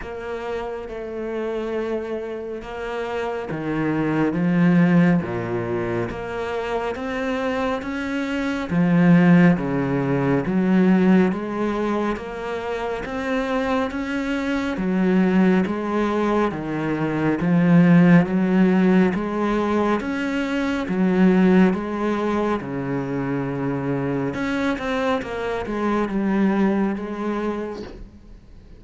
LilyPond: \new Staff \with { instrumentName = "cello" } { \time 4/4 \tempo 4 = 69 ais4 a2 ais4 | dis4 f4 ais,4 ais4 | c'4 cis'4 f4 cis4 | fis4 gis4 ais4 c'4 |
cis'4 fis4 gis4 dis4 | f4 fis4 gis4 cis'4 | fis4 gis4 cis2 | cis'8 c'8 ais8 gis8 g4 gis4 | }